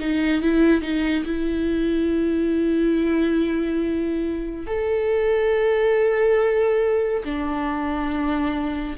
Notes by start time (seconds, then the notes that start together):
0.00 D#4
0.42 E4
0.82 D#4
1.25 E4
4.67 A4
7.24 D4